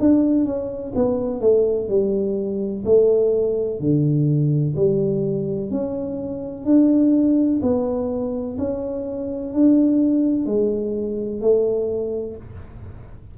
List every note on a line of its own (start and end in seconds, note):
0.00 0.45 D4
0.45 0.93 C#4
0.95 1.41 B3
1.41 1.89 A3
1.89 2.84 G3
2.85 3.80 A3
3.80 4.75 D3
4.76 5.71 G3
5.71 6.65 C#4
6.65 7.61 D4
7.62 8.58 B3
8.58 9.54 C#4
9.54 10.46 D4
10.46 11.41 G#3
11.41 12.36 A3